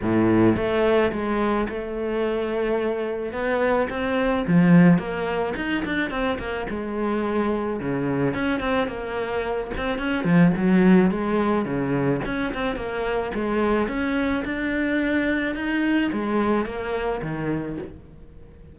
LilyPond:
\new Staff \with { instrumentName = "cello" } { \time 4/4 \tempo 4 = 108 a,4 a4 gis4 a4~ | a2 b4 c'4 | f4 ais4 dis'8 d'8 c'8 ais8 | gis2 cis4 cis'8 c'8 |
ais4. c'8 cis'8 f8 fis4 | gis4 cis4 cis'8 c'8 ais4 | gis4 cis'4 d'2 | dis'4 gis4 ais4 dis4 | }